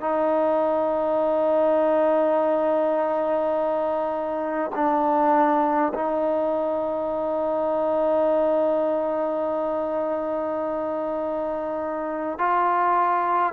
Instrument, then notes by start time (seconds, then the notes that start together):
trombone
0.00 D#4
4.74 D4
5.94 D#4
12.38 F4